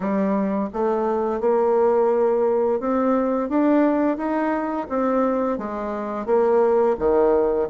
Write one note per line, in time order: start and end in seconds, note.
0.00 0.69 G3
0.73 1.40 A3
1.40 2.79 A#3
2.80 3.49 C4
3.49 4.17 D4
4.17 4.87 D#4
4.89 5.58 C4
5.58 6.26 G#3
6.26 6.95 A#3
6.98 7.68 D#3